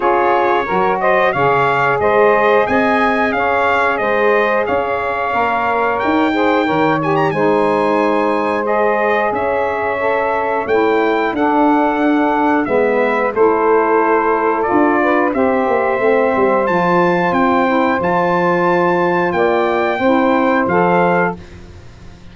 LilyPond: <<
  \new Staff \with { instrumentName = "trumpet" } { \time 4/4 \tempo 4 = 90 cis''4. dis''8 f''4 dis''4 | gis''4 f''4 dis''4 f''4~ | f''4 g''4. gis''16 ais''16 gis''4~ | gis''4 dis''4 e''2 |
g''4 fis''2 e''4 | c''2 d''4 e''4~ | e''4 a''4 g''4 a''4~ | a''4 g''2 f''4 | }
  \new Staff \with { instrumentName = "saxophone" } { \time 4/4 gis'4 ais'8 c''8 cis''4 c''4 | dis''4 cis''4 c''4 cis''4~ | cis''4. c''8 cis''4 c''4~ | c''2 cis''2~ |
cis''4 a'2 b'4 | a'2~ a'8 b'8 c''4~ | c''1~ | c''4 d''4 c''2 | }
  \new Staff \with { instrumentName = "saxophone" } { \time 4/4 f'4 fis'4 gis'2~ | gis'1 | ais'4. gis'8 ais'8 g'8 dis'4~ | dis'4 gis'2 a'4 |
e'4 d'2 b4 | e'2 f'4 g'4 | c'4 f'4. e'8 f'4~ | f'2 e'4 a'4 | }
  \new Staff \with { instrumentName = "tuba" } { \time 4/4 cis'4 fis4 cis4 gis4 | c'4 cis'4 gis4 cis'4 | ais4 dis'4 dis4 gis4~ | gis2 cis'2 |
a4 d'2 gis4 | a2 d'4 c'8 ais8 | a8 g8 f4 c'4 f4~ | f4 ais4 c'4 f4 | }
>>